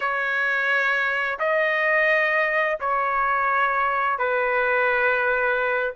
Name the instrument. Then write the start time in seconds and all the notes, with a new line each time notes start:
trumpet
0.00 C#5
1.39 D#5
2.80 C#5
4.18 B4